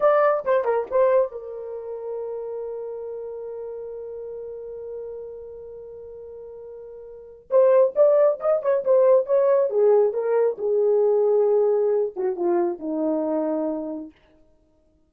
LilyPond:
\new Staff \with { instrumentName = "horn" } { \time 4/4 \tempo 4 = 136 d''4 c''8 ais'8 c''4 ais'4~ | ais'1~ | ais'1~ | ais'1~ |
ais'4 c''4 d''4 dis''8 cis''8 | c''4 cis''4 gis'4 ais'4 | gis'2.~ gis'8 fis'8 | f'4 dis'2. | }